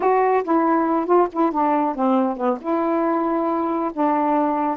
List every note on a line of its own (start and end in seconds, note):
0.00 0.43 F#4
0.43 1.06 E4
1.06 1.27 F4
1.32 1.51 E4
1.51 1.95 D4
1.95 2.36 C4
2.36 2.58 B3
2.61 3.91 E4
3.93 4.77 D4